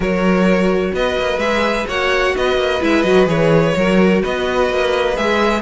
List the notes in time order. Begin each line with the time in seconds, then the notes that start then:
0.00 F#3 F#4 A#4 C#5
0.93 B3 B4 D#5
1.18 A#3
1.38 G#3 G#4 E5
1.87 A#3 F#4 C#5 F#5
2.36 B3 B4 D#5
2.56 A#3
2.80 G#3 E4 E5
3.02 F#3 F#4 D#5
3.26 E3 G#4 C#5
3.76 F#3 F#4 A#4
4.22 B3 B4 D#5
4.70 A#3
5.16 G#3 G#4 E5